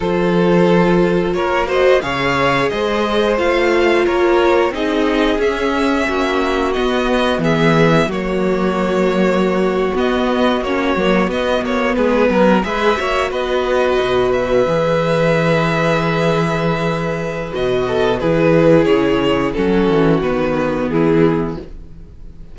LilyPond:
<<
  \new Staff \with { instrumentName = "violin" } { \time 4/4 \tempo 4 = 89 c''2 cis''8 dis''8 f''4 | dis''4 f''4 cis''4 dis''4 | e''2 dis''4 e''4 | cis''2~ cis''8. dis''4 cis''16~ |
cis''8. dis''8 cis''8 b'4 e''4 dis''16~ | dis''4~ dis''16 e''2~ e''8.~ | e''2 dis''4 b'4 | cis''4 a'4 b'4 gis'4 | }
  \new Staff \with { instrumentName = "violin" } { \time 4/4 a'2 ais'8 c''8 cis''4 | c''2 ais'4 gis'4~ | gis'4 fis'2 gis'4 | fis'1~ |
fis'4.~ fis'16 gis'8 ais'8 b'8 cis''8 b'16~ | b'1~ | b'2~ b'8 a'8 gis'4~ | gis'4 fis'2 e'4 | }
  \new Staff \with { instrumentName = "viola" } { \time 4/4 f'2~ f'8 fis'8 gis'4~ | gis'4 f'2 dis'4 | cis'2 b2 | ais2~ ais8. b4 cis'16~ |
cis'16 ais8 b2 gis'8 fis'8.~ | fis'4.~ fis'16 gis'2~ gis'16~ | gis'2 fis'4 e'4~ | e'4 cis'4 b2 | }
  \new Staff \with { instrumentName = "cello" } { \time 4/4 f2 ais4 cis4 | gis4 a4 ais4 c'4 | cis'4 ais4 b4 e4 | fis2~ fis8. b4 ais16~ |
ais16 fis8 b8 ais8 gis8 fis8 gis8 ais8 b16~ | b8. b,4 e2~ e16~ | e2 b,4 e4 | cis4 fis8 e8 dis4 e4 | }
>>